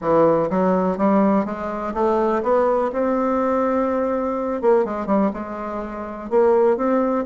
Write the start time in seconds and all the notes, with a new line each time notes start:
0.01 E3
0.50 F#3
0.97 G3
1.45 G#3
1.94 A3
2.42 B3
2.92 C4
4.61 A#3
4.84 G#3
5.06 G3
5.33 G#3
6.30 A#3
6.76 C4